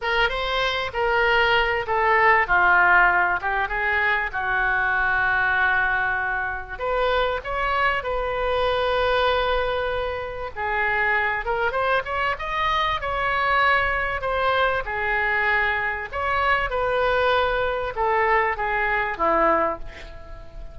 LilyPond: \new Staff \with { instrumentName = "oboe" } { \time 4/4 \tempo 4 = 97 ais'8 c''4 ais'4. a'4 | f'4. g'8 gis'4 fis'4~ | fis'2. b'4 | cis''4 b'2.~ |
b'4 gis'4. ais'8 c''8 cis''8 | dis''4 cis''2 c''4 | gis'2 cis''4 b'4~ | b'4 a'4 gis'4 e'4 | }